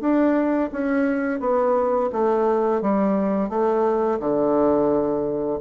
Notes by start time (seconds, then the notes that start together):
0.00 D4
0.72 C#4
1.40 B3
2.12 A3
2.81 G3
3.49 A3
4.19 D3